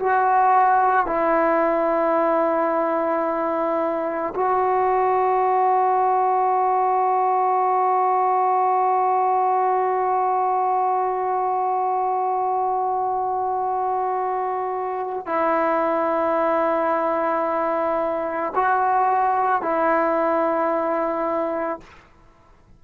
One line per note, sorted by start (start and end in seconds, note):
0.00 1.07 F#4
1.07 4.34 E4
4.36 15.27 F#4
15.27 18.54 E4
18.56 19.63 F#4
19.63 21.81 E4